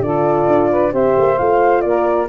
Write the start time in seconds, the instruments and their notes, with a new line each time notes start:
0.00 tuba D3, horn F4, saxophone A4, flute D5
0.47 tuba D4
0.70 saxophone B4
0.92 tuba C4, horn G4, saxophone C5, flute E5
1.17 tuba A#3
1.38 tuba A3, horn F4, flute F5
1.81 tuba A#3, saxophone A#4, flute D5